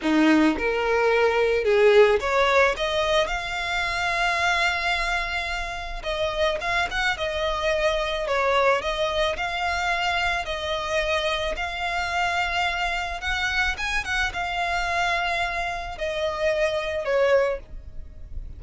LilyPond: \new Staff \with { instrumentName = "violin" } { \time 4/4 \tempo 4 = 109 dis'4 ais'2 gis'4 | cis''4 dis''4 f''2~ | f''2. dis''4 | f''8 fis''8 dis''2 cis''4 |
dis''4 f''2 dis''4~ | dis''4 f''2. | fis''4 gis''8 fis''8 f''2~ | f''4 dis''2 cis''4 | }